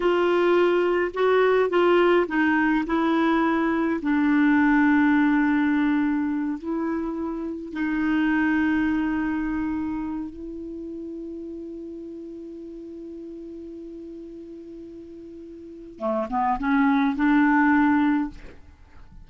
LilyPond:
\new Staff \with { instrumentName = "clarinet" } { \time 4/4 \tempo 4 = 105 f'2 fis'4 f'4 | dis'4 e'2 d'4~ | d'2.~ d'8 e'8~ | e'4. dis'2~ dis'8~ |
dis'2 e'2~ | e'1~ | e'1 | a8 b8 cis'4 d'2 | }